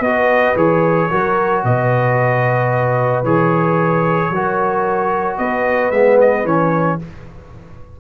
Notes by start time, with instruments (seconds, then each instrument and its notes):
0.00 tuba B3, trombone F#4, horn B4, trumpet D#5
0.56 tuba E3, trombone G#4, trumpet C#5
1.10 tuba F#3, trombone F#4, horn A#4
1.64 tuba B2, horn B4, trumpet D#5
3.23 tuba E3, trombone G#4, trumpet C#5
4.30 tuba F#3, trombone F#4, horn A#4
5.37 tuba B3, horn B4, trumpet D#5
5.91 tuba G#3, trombone B3, trumpet E5
6.21 trumpet D#5
6.44 tuba E3, trombone C#4, trumpet C#5